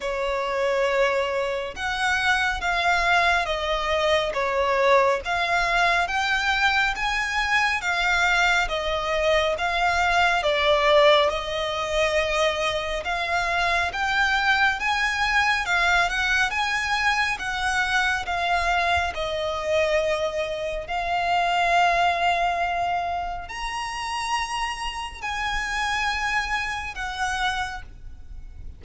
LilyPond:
\new Staff \with { instrumentName = "violin" } { \time 4/4 \tempo 4 = 69 cis''2 fis''4 f''4 | dis''4 cis''4 f''4 g''4 | gis''4 f''4 dis''4 f''4 | d''4 dis''2 f''4 |
g''4 gis''4 f''8 fis''8 gis''4 | fis''4 f''4 dis''2 | f''2. ais''4~ | ais''4 gis''2 fis''4 | }